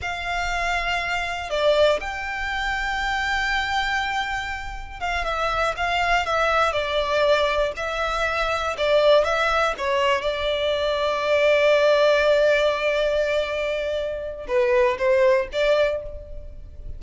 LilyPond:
\new Staff \with { instrumentName = "violin" } { \time 4/4 \tempo 4 = 120 f''2. d''4 | g''1~ | g''2 f''8 e''4 f''8~ | f''8 e''4 d''2 e''8~ |
e''4. d''4 e''4 cis''8~ | cis''8 d''2.~ d''8~ | d''1~ | d''4 b'4 c''4 d''4 | }